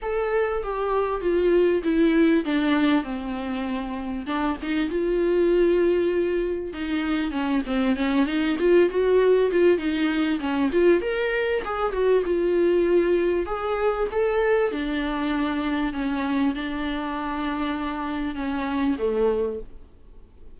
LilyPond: \new Staff \with { instrumentName = "viola" } { \time 4/4 \tempo 4 = 98 a'4 g'4 f'4 e'4 | d'4 c'2 d'8 dis'8 | f'2. dis'4 | cis'8 c'8 cis'8 dis'8 f'8 fis'4 f'8 |
dis'4 cis'8 f'8 ais'4 gis'8 fis'8 | f'2 gis'4 a'4 | d'2 cis'4 d'4~ | d'2 cis'4 a4 | }